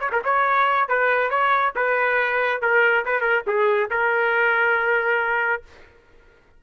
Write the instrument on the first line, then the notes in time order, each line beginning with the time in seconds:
trumpet
0.00 C#5
0.12 A#4
0.25 C#5
0.88 B4
1.30 C#5
1.76 B4
2.62 A#4
3.05 B4
3.21 A#4
3.47 G#4
3.90 A#4